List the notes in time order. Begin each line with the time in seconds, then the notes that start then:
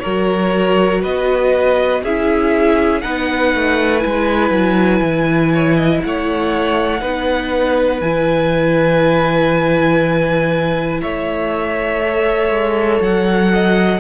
0.00 F#3 F#4 A#4 C#5
1.02 B3 B4 D#5
2.03 C#4 E4 G#4 E5
3.01 B3 D#4 B4 F#5
3.54 A3
3.99 E4 G#5
4.05 G#3
4.51 F#3
5.01 E3
5.54 C#5
5.76 D#5
6.03 A3 C#5 F#5
7.01 B3 D#4 B4
8.01 E3 E4 G#5
11.02 A3 C#5 E5
12.02 A4
12.50 G#3
13.01 F#3 F#5
13.53 D#5